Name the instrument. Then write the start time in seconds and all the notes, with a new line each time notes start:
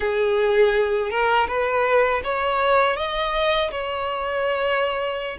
violin
0.00 G#4
1.10 A#4
1.47 B4
2.24 C#5
2.96 D#5
3.71 C#5